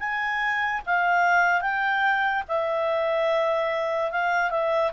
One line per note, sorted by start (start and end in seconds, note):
0.00 0.82 G#5
0.87 1.62 F5
1.62 2.44 G5
2.48 4.12 E5
4.12 4.51 F5
4.51 4.92 E5